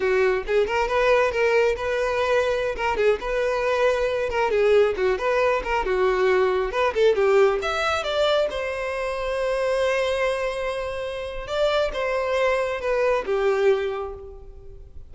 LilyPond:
\new Staff \with { instrumentName = "violin" } { \time 4/4 \tempo 4 = 136 fis'4 gis'8 ais'8 b'4 ais'4 | b'2~ b'16 ais'8 gis'8 b'8.~ | b'4.~ b'16 ais'8 gis'4 fis'8 b'16~ | b'8. ais'8 fis'2 b'8 a'16~ |
a'16 g'4 e''4 d''4 c''8.~ | c''1~ | c''2 d''4 c''4~ | c''4 b'4 g'2 | }